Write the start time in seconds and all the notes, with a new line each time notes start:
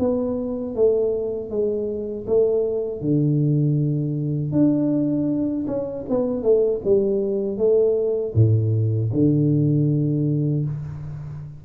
0.00 B3
0.76 A3
1.51 G#3
2.27 A3
3.01 D3
4.52 D4
5.68 C#4
6.10 B3
6.43 A3
6.85 G3
7.58 A3
8.35 A2
9.13 D3